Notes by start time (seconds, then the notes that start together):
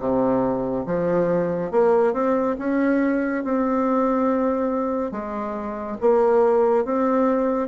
0.00 C3
0.86 F3
1.71 A#3
2.14 C4
2.59 C#4
3.44 C4
5.12 G#3
6.01 A#3
6.85 C4